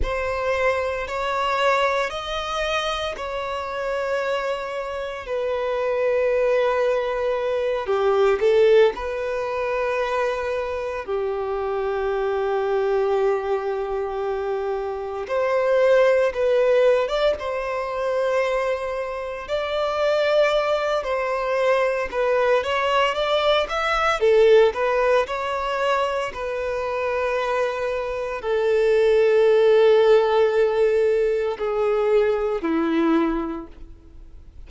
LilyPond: \new Staff \with { instrumentName = "violin" } { \time 4/4 \tempo 4 = 57 c''4 cis''4 dis''4 cis''4~ | cis''4 b'2~ b'8 g'8 | a'8 b'2 g'4.~ | g'2~ g'8 c''4 b'8~ |
b'16 d''16 c''2 d''4. | c''4 b'8 cis''8 d''8 e''8 a'8 b'8 | cis''4 b'2 a'4~ | a'2 gis'4 e'4 | }